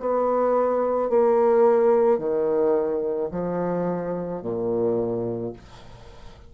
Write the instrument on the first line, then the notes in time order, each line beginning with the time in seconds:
bassoon
0.00 B3
1.10 A#3
2.18 D#3
3.31 F3
4.42 A#2